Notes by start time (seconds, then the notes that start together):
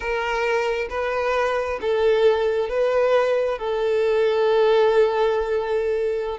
0.00 A#4
0.89 B4
1.81 A4
2.69 B4
3.58 A4